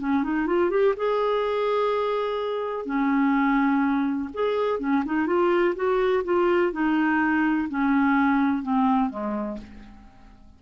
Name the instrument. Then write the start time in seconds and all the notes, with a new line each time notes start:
clarinet
0.00 C#4
0.24 D#4
0.46 F4
0.70 G4
0.97 G#4
2.86 C#4
4.34 G#4
4.80 C#4
5.06 D#4
5.27 F4
5.76 F#4
6.24 F4
6.72 D#4
7.69 C#4
8.63 C4
9.10 G#3